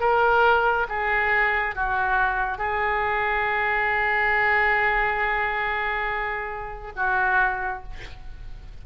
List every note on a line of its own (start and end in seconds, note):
0.00 0.87 A#4
0.89 1.75 G#4
1.75 2.58 F#4
2.58 6.93 G#4
6.96 7.83 F#4